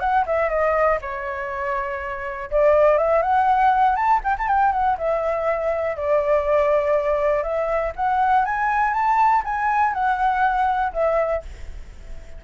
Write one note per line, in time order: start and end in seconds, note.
0.00 0.25 F#5
0.27 0.50 E5
0.50 0.99 D#5
1.02 2.50 C#5
2.51 2.98 D5
2.98 3.22 E5
3.22 3.96 F#5
3.96 4.21 A5
4.24 4.37 G5
4.39 4.48 A5
4.48 4.72 G5
4.72 4.97 F#5
4.98 5.97 E5
5.97 7.43 D5
7.43 7.93 E5
7.96 8.45 F#5
8.45 8.93 G#5
8.93 9.43 A5
9.45 9.94 G#5
9.94 10.93 F#5
10.93 11.43 E5